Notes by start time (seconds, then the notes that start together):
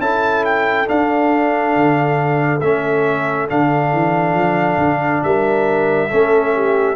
0.00 C#4 E4 A4 A5
0.45 G5
0.86 D4 F5
1.76 D3
2.60 A3 C#4 E5
3.48 D3 D4 F5
3.92 E3
4.34 F3
4.78 D3
5.23 G3 A#4 E5
6.09 A3 C#4 A4
6.55 G4